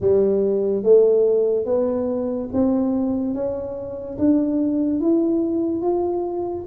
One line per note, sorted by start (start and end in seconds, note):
0.00 0.83 G3
0.83 1.65 A3
1.65 2.48 B3
2.52 3.34 C4
3.34 4.17 C#4
4.18 5.00 D4
5.00 5.81 E4
5.81 6.64 F4